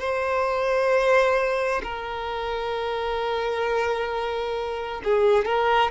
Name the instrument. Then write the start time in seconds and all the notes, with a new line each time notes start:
violin
0.00 C5
1.83 A#4
5.04 G#4
5.45 A#4